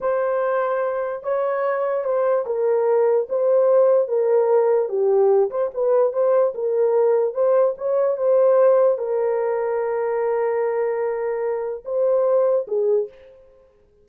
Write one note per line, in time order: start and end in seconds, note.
0.00 1.23 C5
1.23 2.04 C#5
2.04 2.45 C5
2.45 3.27 A#4
3.29 4.07 C5
4.07 4.88 A#4
4.88 5.50 G4
5.50 5.70 C5
5.73 6.12 B4
6.12 6.53 C5
6.54 7.34 A#4
7.34 7.74 C5
7.77 8.17 C#5
8.17 8.98 C5
8.98 11.83 A#4
11.85 12.66 C5
12.67 13.08 G#4